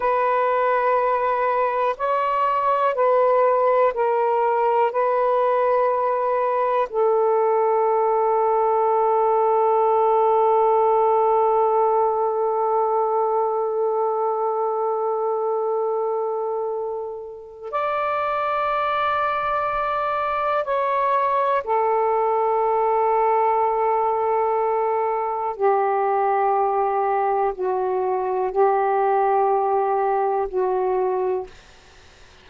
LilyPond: \new Staff \with { instrumentName = "saxophone" } { \time 4/4 \tempo 4 = 61 b'2 cis''4 b'4 | ais'4 b'2 a'4~ | a'1~ | a'1~ |
a'2 d''2~ | d''4 cis''4 a'2~ | a'2 g'2 | fis'4 g'2 fis'4 | }